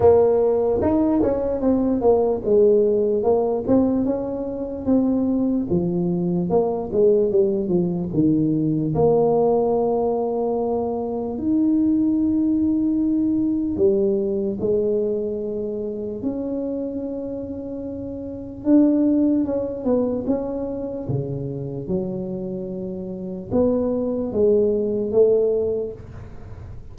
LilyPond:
\new Staff \with { instrumentName = "tuba" } { \time 4/4 \tempo 4 = 74 ais4 dis'8 cis'8 c'8 ais8 gis4 | ais8 c'8 cis'4 c'4 f4 | ais8 gis8 g8 f8 dis4 ais4~ | ais2 dis'2~ |
dis'4 g4 gis2 | cis'2. d'4 | cis'8 b8 cis'4 cis4 fis4~ | fis4 b4 gis4 a4 | }